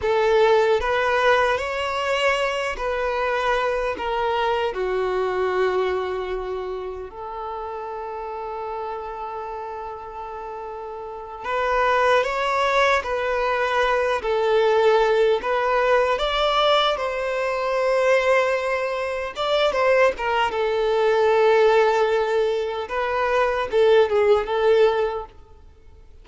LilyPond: \new Staff \with { instrumentName = "violin" } { \time 4/4 \tempo 4 = 76 a'4 b'4 cis''4. b'8~ | b'4 ais'4 fis'2~ | fis'4 a'2.~ | a'2~ a'8 b'4 cis''8~ |
cis''8 b'4. a'4. b'8~ | b'8 d''4 c''2~ c''8~ | c''8 d''8 c''8 ais'8 a'2~ | a'4 b'4 a'8 gis'8 a'4 | }